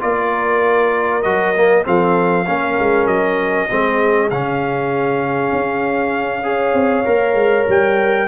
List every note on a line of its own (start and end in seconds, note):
0.00 1.25 A#3
0.00 1.22 F4
0.00 1.87 A#4
0.00 1.22 D5
1.22 1.86 F#3
1.22 1.55 F#4
1.22 1.83 D#5
1.56 1.84 A#3
1.84 2.47 F3
1.84 2.45 C4
1.84 2.46 A4
1.84 3.07 F5
2.46 2.78 A#3
2.46 3.69 C#4
2.46 3.69 A#4
2.79 3.07 G#3
3.07 3.68 F#3
3.07 4.29 D#5
3.69 4.31 G#3
3.69 4.31 C4
3.69 6.46 G#4
4.30 5.52 C#3
4.30 6.43 C#4
4.30 7.67 F5
5.52 6.73 C#4
6.43 7.04 G#4
6.43 8.28 C#5
6.73 7.04 C4
7.05 7.34 A#3
7.05 8.27 A#4
7.34 7.65 G#3
7.68 8.28 G3
7.68 8.28 G5